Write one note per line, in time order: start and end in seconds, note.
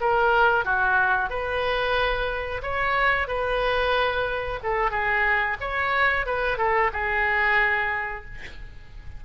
0.00 0.64 A#4
0.64 1.29 F#4
1.29 2.61 B4
2.62 3.28 C#5
3.28 4.59 B4
4.63 4.91 A4
4.91 5.57 G#4
5.60 6.26 C#5
6.26 6.58 B4
6.58 6.91 A4
6.93 8.24 G#4